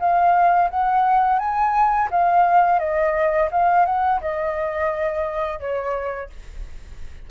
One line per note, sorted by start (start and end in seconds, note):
0.00 0.70 F5
0.70 1.39 F#5
1.39 2.09 G#5
2.11 2.80 F5
2.80 3.49 D#5
3.51 3.86 F5
3.86 4.21 F#5
4.21 5.60 D#5
5.60 6.30 C#5